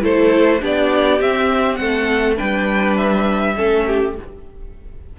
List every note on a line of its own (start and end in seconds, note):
0.00 0.62 A3
0.00 0.59 E4
0.00 0.62 A4
0.00 0.62 C5
0.60 1.20 B3
0.60 1.19 D4
0.60 1.79 G4
0.60 1.21 D5
1.20 1.79 C4
1.20 2.36 C4
1.20 1.75 E5
1.75 2.38 A3
1.75 2.37 A4
1.75 2.34 F#5
2.36 3.58 G3
2.36 3.54 D4
2.36 3.54 B4
2.36 2.97 G5
2.97 4.14 E5
3.56 4.19 A3
3.56 4.14 C#4
3.56 3.86 A4
3.87 4.16 G4